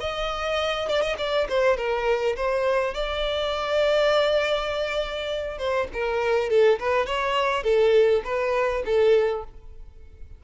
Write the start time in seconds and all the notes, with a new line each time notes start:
0.00 D#5
0.88 D5
1.01 D#5
1.18 D5
1.49 C5
1.77 A#4
2.36 C5
2.94 D5
5.58 C5
5.93 A#4
6.49 A4
6.79 B4
7.06 C#5
7.63 A4
8.24 B4
8.85 A4